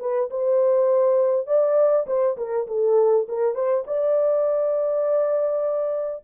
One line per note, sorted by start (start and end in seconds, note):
0.00 0.30 B4
0.31 1.47 C5
1.47 2.07 D5
2.07 2.37 C5
2.37 2.67 A#4
2.67 3.27 A4
3.29 3.55 A#4
3.55 3.85 C5
3.87 6.24 D5